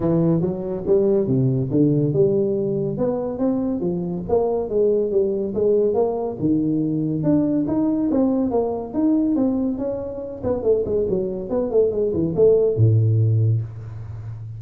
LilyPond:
\new Staff \with { instrumentName = "tuba" } { \time 4/4 \tempo 4 = 141 e4 fis4 g4 c4 | d4 g2 b4 | c'4 f4 ais4 gis4 | g4 gis4 ais4 dis4~ |
dis4 d'4 dis'4 c'4 | ais4 dis'4 c'4 cis'4~ | cis'8 b8 a8 gis8 fis4 b8 a8 | gis8 e8 a4 a,2 | }